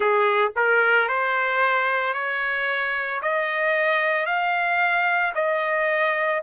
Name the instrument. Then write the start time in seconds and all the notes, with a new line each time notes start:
trumpet
0.00 G#4
0.56 A#4
1.08 C5
2.13 C#5
3.21 D#5
4.26 F5
5.34 D#5